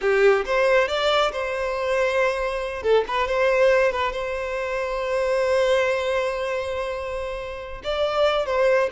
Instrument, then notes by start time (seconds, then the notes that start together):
violin
0.01 G4
0.45 C5
0.88 D5
1.32 C5
2.82 A4
3.07 B4
3.27 C5
3.92 B4
4.12 C5
7.83 D5
8.46 C5